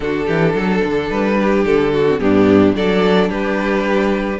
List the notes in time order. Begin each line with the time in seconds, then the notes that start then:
0.00 D3 D4 F#4 A4
0.25 E3 G4
0.54 F#3 A4
0.84 D3
1.09 G3 B4
1.40 G4
1.65 D3 A4
1.93 F#4
2.08 C4
2.19 G2 B3 D4 G4
2.75 F#3 D4 A4 D5
3.29 G3 G4 B4